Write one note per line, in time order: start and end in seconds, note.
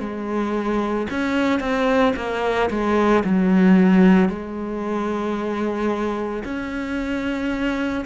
0.00 1.07 G#3
1.11 1.60 C#4
1.60 2.14 C4
2.16 2.70 A#3
2.70 3.24 G#3
3.24 4.30 F#3
4.30 6.44 G#3
6.44 8.05 C#4